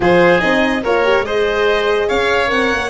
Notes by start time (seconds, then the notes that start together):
0.00 F3 F4 G#4 C5
0.39 C4 D#4 D#5
0.83 A#3 F4 A#4 C#5
1.03 G4
1.21 G#3 G#4 C5 D#5
2.08 C#4 C#5 F5
2.47 C4 A#4 F#5
2.72 A#3